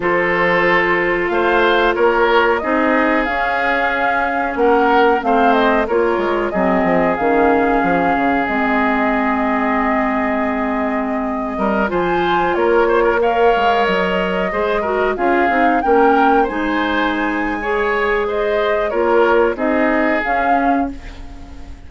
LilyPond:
<<
  \new Staff \with { instrumentName = "flute" } { \time 4/4 \tempo 4 = 92 c''2 f''4 cis''4 | dis''4 f''2 fis''4 | f''8 dis''8 cis''4 dis''4 f''4~ | f''4 dis''2.~ |
dis''2~ dis''16 gis''4 cis''8.~ | cis''16 f''4 dis''2 f''8.~ | f''16 g''4 gis''2~ gis''8. | dis''4 cis''4 dis''4 f''4 | }
  \new Staff \with { instrumentName = "oboe" } { \time 4/4 a'2 c''4 ais'4 | gis'2. ais'4 | c''4 ais'4 gis'2~ | gis'1~ |
gis'4.~ gis'16 ais'8 c''4 ais'8 c''16 | ais'16 cis''2 c''8 ais'8 gis'8.~ | gis'16 ais'4 c''4.~ c''16 cis''4 | c''4 ais'4 gis'2 | }
  \new Staff \with { instrumentName = "clarinet" } { \time 4/4 f'1 | dis'4 cis'2. | c'4 f'4 c'4 cis'4~ | cis'4 c'2.~ |
c'2~ c'16 f'4.~ f'16~ | f'16 ais'2 gis'8 fis'8 f'8 dis'16~ | dis'16 cis'4 dis'4.~ dis'16 gis'4~ | gis'4 f'4 dis'4 cis'4 | }
  \new Staff \with { instrumentName = "bassoon" } { \time 4/4 f2 a4 ais4 | c'4 cis'2 ais4 | a4 ais8 gis8 fis8 f8 dis4 | f8 cis8 gis2.~ |
gis4.~ gis16 g8 f4 ais8.~ | ais8. gis8 fis4 gis4 cis'8 c'16~ | c'16 ais4 gis2~ gis8.~ | gis4 ais4 c'4 cis'4 | }
>>